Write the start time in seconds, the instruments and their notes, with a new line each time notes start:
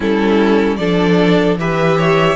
0.00 cello G3, viola C#4, violin E4 A4
0.76 cello F3, viola D4, violin A4 D5
1.57 cello E3, viola G4, violin B4 E5
1.97 violin C#5